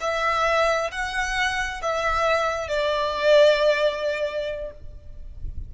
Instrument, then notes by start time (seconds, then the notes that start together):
violin
0.00 E5
0.91 F#5
1.82 E5
2.68 D5